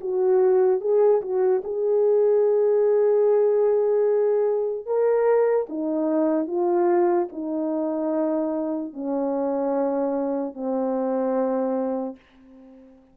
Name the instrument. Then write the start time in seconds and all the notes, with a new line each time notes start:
horn
0.00 F#4
0.80 G#4
1.21 F#4
1.64 G#4
4.85 A#4
5.69 D#4
6.47 F4
7.32 D#4
8.93 C#4
10.54 C4